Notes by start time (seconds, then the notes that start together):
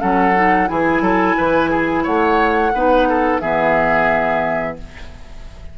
0.00 F#3 C#4 A4 F#5
0.35 D#4
0.67 E3 E4 G#4 G#5
1.01 F#3 A4
1.37 E3 B4
1.71 G#4
2.04 A3 C#5 F#5
2.74 B3 D#4 B4
3.09 A4
3.40 E3 B3 G#4 E5